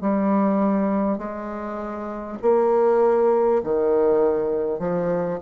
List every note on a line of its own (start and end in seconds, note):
0.00 1.17 G3
1.17 2.37 G#3
2.42 3.62 A#3
3.63 4.79 D#3
4.79 5.39 F3